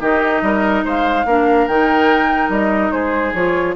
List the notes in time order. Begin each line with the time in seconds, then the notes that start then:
0.00 D#3 D#4 G4 D#5
0.41 G3 A#4
0.84 G#3 C5 F5
1.25 A#3 D4 A#4
1.67 D#3 D#4 G5
2.48 G3 D#5
2.91 G#3 G#4 C5
3.33 F3 F4 C#5